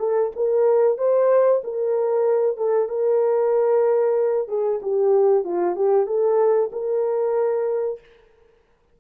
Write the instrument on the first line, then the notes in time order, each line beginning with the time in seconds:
horn
0.00 A4
0.36 A#4
0.98 C5
1.64 A#4
2.58 A4
2.89 A#4
4.49 G#4
4.83 G4
5.45 F4
5.76 G4
6.07 A4
6.73 A#4